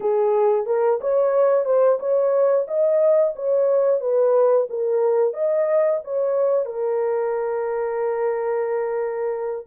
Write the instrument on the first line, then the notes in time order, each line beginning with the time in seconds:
horn
0.00 G#4
0.66 A#4
1.00 C#5
1.65 C5
1.99 C#5
2.67 D#5
3.35 C#5
4.00 B4
4.69 A#4
5.33 D#5
6.04 C#5
6.65 A#4